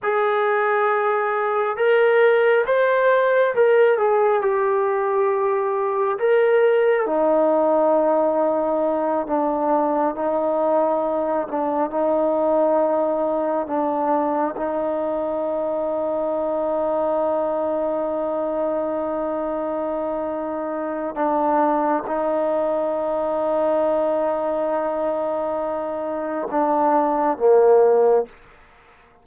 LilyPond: \new Staff \with { instrumentName = "trombone" } { \time 4/4 \tempo 4 = 68 gis'2 ais'4 c''4 | ais'8 gis'8 g'2 ais'4 | dis'2~ dis'8 d'4 dis'8~ | dis'4 d'8 dis'2 d'8~ |
d'8 dis'2.~ dis'8~ | dis'1 | d'4 dis'2.~ | dis'2 d'4 ais4 | }